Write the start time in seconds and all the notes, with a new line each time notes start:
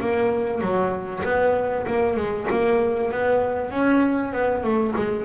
0.00 A#3
0.61 F#3
1.24 B3
1.86 A#3
2.16 G#3
2.50 A#3
3.11 B3
3.70 C#4
4.32 B3
4.63 A3
4.96 G#3